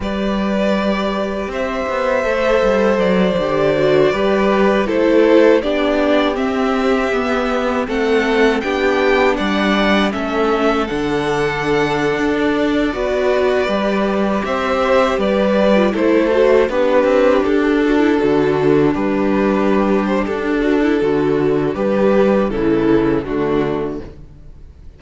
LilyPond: <<
  \new Staff \with { instrumentName = "violin" } { \time 4/4 \tempo 4 = 80 d''2 e''2 | d''2~ d''8 c''4 d''8~ | d''8 e''2 fis''4 g''8~ | g''8 fis''4 e''4 fis''4.~ |
fis''8 d''2~ d''8. e''8.~ | e''16 d''4 c''4 b'4 a'8.~ | a'4~ a'16 b'4. c''16 a'4~ | a'4 b'4 a'4 fis'4 | }
  \new Staff \with { instrumentName = "violin" } { \time 4/4 b'2 c''2~ | c''4. b'4 a'4 g'8~ | g'2~ g'8 a'4 g'8~ | g'8 d''4 a'2~ a'8~ |
a'4~ a'16 b'2 c''8.~ | c''16 b'4 a'4 d'4.~ d'16~ | d'1~ | d'2 e'4 d'4 | }
  \new Staff \with { instrumentName = "viola" } { \time 4/4 g'2. a'4~ | a'8 g'8 fis'8 g'4 e'4 d'8~ | d'8 c'4 b4 c'4 d'8~ | d'4. cis'4 d'4.~ |
d'4~ d'16 fis'4 g'4.~ g'16~ | g'4 f'16 e'8 fis'8 g'4. fis'16 | e'16 fis'4 g'2~ g'16 fis'16 e'16 | fis'4 g'4 e4 a4 | }
  \new Staff \with { instrumentName = "cello" } { \time 4/4 g2 c'8 b8 a8 g8 | fis8 d4 g4 a4 b8~ | b8 c'4 b4 a4 b8~ | b8 g4 a4 d4.~ |
d16 d'4 b4 g4 c'8.~ | c'16 g4 a4 b8 c'8 d'8.~ | d'16 d4 g4.~ g16 d'4 | d4 g4 cis4 d4 | }
>>